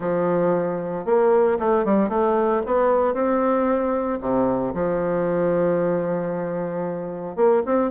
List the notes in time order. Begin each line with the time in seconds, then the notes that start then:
0.00 F3
1.05 A#3
1.59 A3
1.84 G3
2.09 A3
2.66 B3
3.14 C4
4.20 C3
4.74 F3
7.36 A#3
7.65 C4